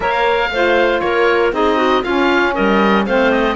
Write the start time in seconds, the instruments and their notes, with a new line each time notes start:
0.00 cello A#3, saxophone A#4, clarinet C#5, oboe F5
0.50 cello A3, saxophone F4, clarinet C5
1.00 cello A#3, clarinet A#4, oboe C#5
1.51 cello C4, saxophone D#4, clarinet G#4, oboe D#5
1.76 clarinet F#4
2.03 cello C#4, saxophone C#4, clarinet F4, oboe F5
2.53 cello G3, clarinet A#4, oboe D#5
3.06 cello A3, saxophone C4, clarinet C5, oboe F5
3.31 oboe D#5